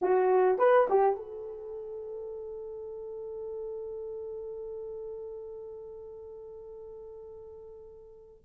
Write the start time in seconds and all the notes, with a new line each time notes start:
0.01 F#4
0.58 B4
0.89 G4
1.16 A4